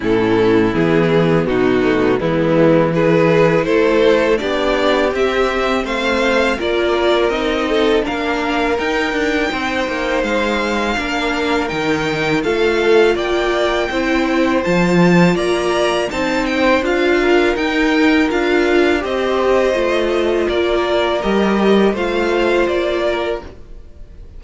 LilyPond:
<<
  \new Staff \with { instrumentName = "violin" } { \time 4/4 \tempo 4 = 82 a'4 gis'4 fis'4 e'4 | b'4 c''4 d''4 e''4 | f''4 d''4 dis''4 f''4 | g''2 f''2 |
g''4 f''4 g''2 | a''4 ais''4 a''8 g''8 f''4 | g''4 f''4 dis''2 | d''4 dis''4 f''4 d''4 | }
  \new Staff \with { instrumentName = "violin" } { \time 4/4 e'2 dis'4 b4 | gis'4 a'4 g'2 | c''4 ais'4. a'8 ais'4~ | ais'4 c''2 ais'4~ |
ais'4 a'4 d''4 c''4~ | c''4 d''4 c''4. ais'8~ | ais'2 c''2 | ais'2 c''4. ais'8 | }
  \new Staff \with { instrumentName = "viola" } { \time 4/4 cis'4 b4. a8 gis4 | e'2 d'4 c'4~ | c'4 f'4 dis'4 d'4 | dis'2. d'4 |
dis'4 f'2 e'4 | f'2 dis'4 f'4 | dis'4 f'4 g'4 f'4~ | f'4 g'4 f'2 | }
  \new Staff \with { instrumentName = "cello" } { \time 4/4 a,4 e4 b,4 e4~ | e4 a4 b4 c'4 | a4 ais4 c'4 ais4 | dis'8 d'8 c'8 ais8 gis4 ais4 |
dis4 a4 ais4 c'4 | f4 ais4 c'4 d'4 | dis'4 d'4 c'4 a4 | ais4 g4 a4 ais4 | }
>>